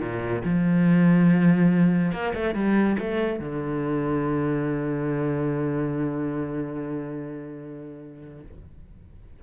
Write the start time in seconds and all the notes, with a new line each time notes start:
0.00 A#2
0.44 F3
2.12 A#3
2.34 A3
2.54 G3
2.98 A3
3.39 D3